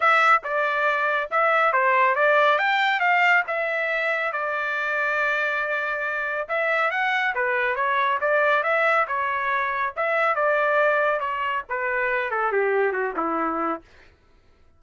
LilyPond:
\new Staff \with { instrumentName = "trumpet" } { \time 4/4 \tempo 4 = 139 e''4 d''2 e''4 | c''4 d''4 g''4 f''4 | e''2 d''2~ | d''2. e''4 |
fis''4 b'4 cis''4 d''4 | e''4 cis''2 e''4 | d''2 cis''4 b'4~ | b'8 a'8 g'4 fis'8 e'4. | }